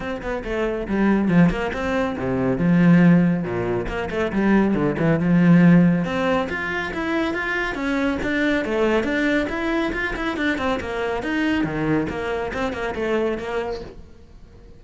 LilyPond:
\new Staff \with { instrumentName = "cello" } { \time 4/4 \tempo 4 = 139 c'8 b8 a4 g4 f8 ais8 | c'4 c4 f2 | ais,4 ais8 a8 g4 d8 e8 | f2 c'4 f'4 |
e'4 f'4 cis'4 d'4 | a4 d'4 e'4 f'8 e'8 | d'8 c'8 ais4 dis'4 dis4 | ais4 c'8 ais8 a4 ais4 | }